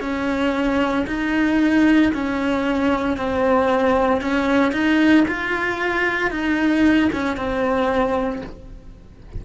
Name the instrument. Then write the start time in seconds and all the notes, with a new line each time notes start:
cello
0.00 C#4
1.07 D#4
2.13 C#4
3.17 C4
4.21 C#4
4.72 D#4
5.28 F4
6.30 D#4
7.12 C#4
7.36 C4